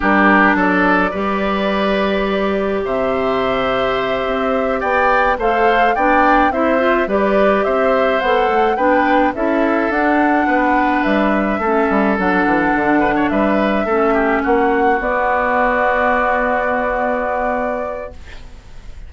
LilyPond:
<<
  \new Staff \with { instrumentName = "flute" } { \time 4/4 \tempo 4 = 106 ais'4 d''2.~ | d''4 e''2.~ | e''8 g''4 f''4 g''4 e''8~ | e''8 d''4 e''4 fis''4 g''8~ |
g''8 e''4 fis''2 e''8~ | e''4. fis''2 e''8~ | e''4. fis''4 d''4.~ | d''1 | }
  \new Staff \with { instrumentName = "oboe" } { \time 4/4 g'4 a'4 b'2~ | b'4 c''2.~ | c''8 d''4 c''4 d''4 c''8~ | c''8 b'4 c''2 b'8~ |
b'8 a'2 b'4.~ | b'8 a'2~ a'8 b'16 cis''16 b'8~ | b'8 a'8 g'8 fis'2~ fis'8~ | fis'1 | }
  \new Staff \with { instrumentName = "clarinet" } { \time 4/4 d'2 g'2~ | g'1~ | g'4. a'4 d'4 e'8 | f'8 g'2 a'4 d'8~ |
d'8 e'4 d'2~ d'8~ | d'8 cis'4 d'2~ d'8~ | d'8 cis'2 b4.~ | b1 | }
  \new Staff \with { instrumentName = "bassoon" } { \time 4/4 g4 fis4 g2~ | g4 c2~ c8 c'8~ | c'8 b4 a4 b4 c'8~ | c'8 g4 c'4 b8 a8 b8~ |
b8 cis'4 d'4 b4 g8~ | g8 a8 g8 fis8 e8 d4 g8~ | g8 a4 ais4 b4.~ | b1 | }
>>